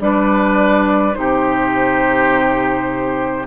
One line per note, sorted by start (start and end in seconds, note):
0.00 1.15 G3
0.00 1.13 D4
0.00 1.19 B4
0.00 1.15 D5
1.13 3.47 C3
1.13 3.44 D#4
1.13 3.47 G4
1.13 3.46 C5